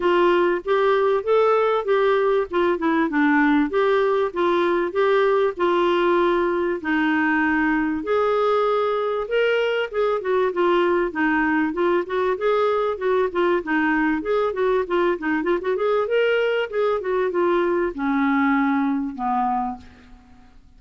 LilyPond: \new Staff \with { instrumentName = "clarinet" } { \time 4/4 \tempo 4 = 97 f'4 g'4 a'4 g'4 | f'8 e'8 d'4 g'4 f'4 | g'4 f'2 dis'4~ | dis'4 gis'2 ais'4 |
gis'8 fis'8 f'4 dis'4 f'8 fis'8 | gis'4 fis'8 f'8 dis'4 gis'8 fis'8 | f'8 dis'8 f'16 fis'16 gis'8 ais'4 gis'8 fis'8 | f'4 cis'2 b4 | }